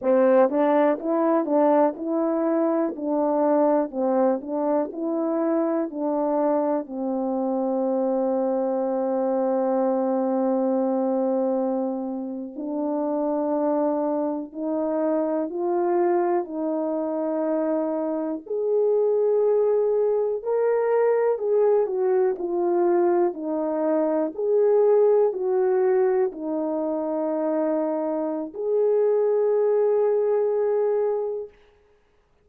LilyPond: \new Staff \with { instrumentName = "horn" } { \time 4/4 \tempo 4 = 61 c'8 d'8 e'8 d'8 e'4 d'4 | c'8 d'8 e'4 d'4 c'4~ | c'1~ | c'8. d'2 dis'4 f'16~ |
f'8. dis'2 gis'4~ gis'16~ | gis'8. ais'4 gis'8 fis'8 f'4 dis'16~ | dis'8. gis'4 fis'4 dis'4~ dis'16~ | dis'4 gis'2. | }